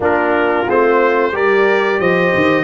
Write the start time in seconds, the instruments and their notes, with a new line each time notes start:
0.00 tuba A#3, trombone D4, horn F4, trumpet A#4
0.67 tuba A3, trombone C4, trumpet C5
1.32 tuba G3, trombone G4, horn A#4, trumpet D5
1.99 tuba F3, horn C5, trumpet D#5
2.35 tuba D#3